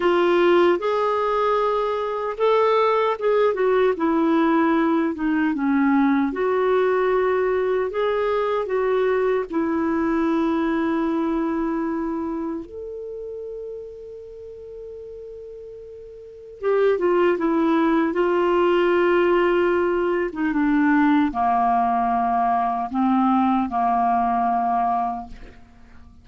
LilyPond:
\new Staff \with { instrumentName = "clarinet" } { \time 4/4 \tempo 4 = 76 f'4 gis'2 a'4 | gis'8 fis'8 e'4. dis'8 cis'4 | fis'2 gis'4 fis'4 | e'1 |
a'1~ | a'4 g'8 f'8 e'4 f'4~ | f'4.~ f'16 dis'16 d'4 ais4~ | ais4 c'4 ais2 | }